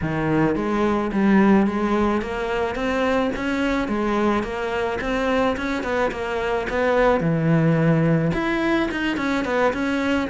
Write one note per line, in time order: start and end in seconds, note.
0.01 0.55 D#3
0.55 1.11 G#3
1.12 1.67 G3
1.67 2.21 G#3
2.21 2.75 A#3
2.75 3.31 C4
3.36 3.88 C#4
3.88 4.43 G#3
4.43 4.98 A#3
5.01 5.56 C4
5.57 5.83 C#4
5.83 6.10 B3
6.11 6.66 A#3
6.69 7.20 B3
7.20 8.31 E3
8.33 8.89 E4
8.91 9.17 D#4
9.17 9.44 C#4
9.44 9.72 B3
9.73 10.28 C#4